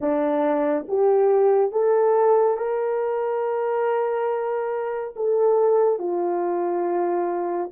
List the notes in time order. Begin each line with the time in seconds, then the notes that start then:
0.00 D4
0.88 G4
1.71 A4
2.57 A#4
5.16 A4
5.98 F4